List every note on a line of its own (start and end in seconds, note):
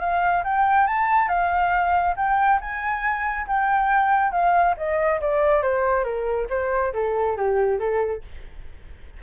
0.00 0.43 F5
0.44 0.87 G5
0.87 1.28 A5
1.28 2.15 F5
2.16 2.59 G5
2.61 3.47 G#5
3.47 4.31 G5
4.31 4.75 F5
4.77 5.21 D#5
5.21 5.62 D5
5.62 6.04 C5
6.04 6.47 A#4
6.50 6.93 C5
6.93 7.36 A4
7.36 7.79 G4
7.79 8.22 A4